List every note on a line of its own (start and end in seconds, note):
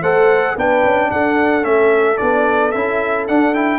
0.00 0.55 A3
0.00 0.57 A4
0.00 0.54 C5
0.00 0.56 F#5
0.56 0.83 B3
0.56 1.61 D4
0.56 1.10 B4
0.56 1.11 G5
0.84 1.11 C#4
1.11 1.64 D4
1.11 3.78 A4
1.11 1.64 F#5
1.61 2.18 A3
1.61 2.15 C#4
1.61 2.17 E5
2.17 2.74 B3
2.17 2.72 D4
2.17 2.71 D5
2.71 3.28 C#4
2.71 3.28 E4
2.71 3.25 E5
3.27 3.54 D4
3.27 3.78 D4
3.27 3.54 F#5
3.54 3.78 E4
3.54 3.78 G5